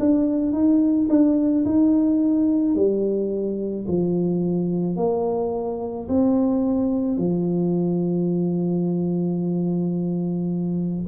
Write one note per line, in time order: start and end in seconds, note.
0.00 0.53 D4
0.53 1.09 D#4
1.10 1.65 D4
1.66 2.76 D#4
2.76 3.87 G3
3.88 4.97 F3
4.97 6.08 A#3
6.09 7.18 C4
7.18 11.07 F3